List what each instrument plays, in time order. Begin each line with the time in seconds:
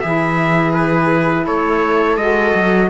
0.00 cello E3, saxophone E4, viola G#4, trumpet E5
0.73 trumpet B4
1.46 cello A3, viola A4, trumpet C#5
2.16 cello G#3, saxophone F#4, trumpet D#5
2.55 cello F#3